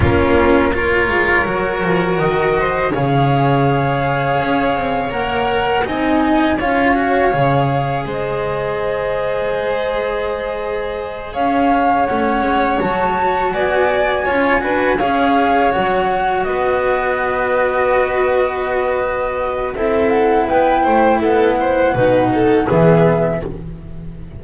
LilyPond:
<<
  \new Staff \with { instrumentName = "flute" } { \time 4/4 \tempo 4 = 82 ais'4 cis''2 dis''4 | f''2. fis''4 | gis''4 f''2 dis''4~ | dis''2.~ dis''8 f''8~ |
f''8 fis''4 a''4 gis''4.~ | gis''8 f''4 fis''4 dis''4.~ | dis''2. e''8 fis''8 | g''4 fis''2 e''4 | }
  \new Staff \with { instrumentName = "violin" } { \time 4/4 f'4 ais'2~ ais'8 c''8 | cis''1 | dis''4 cis''2 c''4~ | c''2.~ c''8 cis''8~ |
cis''2~ cis''8 d''4 cis''8 | b'8 cis''2 b'4.~ | b'2. a'4 | b'8 c''8 a'8 c''8 b'8 a'8 gis'4 | }
  \new Staff \with { instrumentName = "cello" } { \time 4/4 cis'4 f'4 fis'2 | gis'2. ais'4 | dis'4 f'8 fis'8 gis'2~ | gis'1~ |
gis'8 cis'4 fis'2 f'8 | fis'8 gis'4 fis'2~ fis'8~ | fis'2. e'4~ | e'2 dis'4 b4 | }
  \new Staff \with { instrumentName = "double bass" } { \time 4/4 ais4. gis8 fis8 f8 dis4 | cis2 cis'8 c'8 ais4 | c'4 cis'4 cis4 gis4~ | gis2.~ gis8 cis'8~ |
cis'8 a8 gis8 fis4 b4 cis'8 | d'8 cis'4 fis4 b4.~ | b2. c'4 | b8 a8 b4 b,4 e4 | }
>>